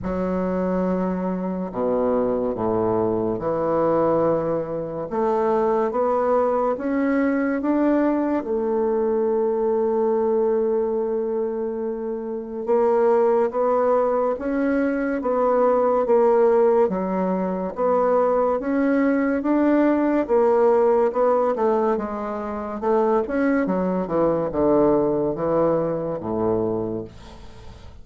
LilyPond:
\new Staff \with { instrumentName = "bassoon" } { \time 4/4 \tempo 4 = 71 fis2 b,4 a,4 | e2 a4 b4 | cis'4 d'4 a2~ | a2. ais4 |
b4 cis'4 b4 ais4 | fis4 b4 cis'4 d'4 | ais4 b8 a8 gis4 a8 cis'8 | fis8 e8 d4 e4 a,4 | }